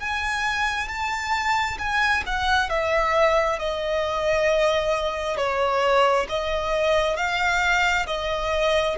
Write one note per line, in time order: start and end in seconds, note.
0.00 0.88 G#5
0.88 1.78 A5
1.79 2.23 G#5
2.26 2.69 F#5
2.69 3.59 E5
3.59 5.37 D#5
5.37 6.26 C#5
6.29 7.17 D#5
7.17 8.06 F5
8.07 8.96 D#5